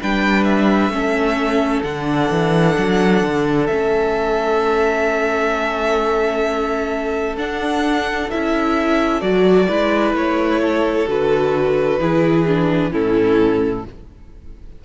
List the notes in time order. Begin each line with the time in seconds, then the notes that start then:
0.00 G3 D4 B4 G5
0.44 E5
0.89 A3 C#4 A4
1.83 D3 D4 F#5
2.30 E3
2.78 F#3
3.23 D3
3.66 A3 C#4 E5
7.37 D4 F#5
8.30 C#4 E4 E5
9.21 F#3 F#4 D5
9.68 G#3 E4 B4
10.13 A3 C#5
10.61 A4
11.08 D3 F#4 B4
11.99 E3 E4 G#4
12.47 D4
12.91 A2 C#4 E4 A4